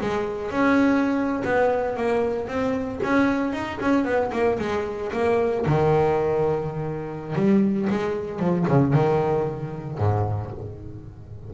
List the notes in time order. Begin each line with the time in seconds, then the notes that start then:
0.00 G#3
0.50 C#4
1.44 B3
1.96 A#3
2.47 C4
3.03 C#4
3.52 D#4
3.80 C#4
4.04 B3
4.32 A#3
4.59 G#3
5.12 A#3
5.66 D#3
7.35 G3
7.89 G#3
8.39 F3
8.68 C#3
8.93 D#3
9.98 G#2